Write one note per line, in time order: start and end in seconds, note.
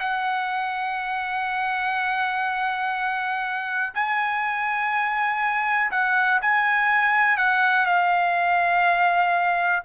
0.00 3.93 F#5
3.95 5.92 G#5
5.92 6.41 F#5
6.42 7.38 G#5
7.38 7.86 F#5
7.86 9.83 F5